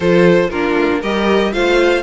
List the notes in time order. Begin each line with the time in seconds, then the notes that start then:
0.00 F3 F4 A4 C5
0.50 A#3 D4 F4 A#4
0.76 A3
0.91 A#3
1.00 G3 G4 A#4 D#5
1.52 A3 F4 C5 F5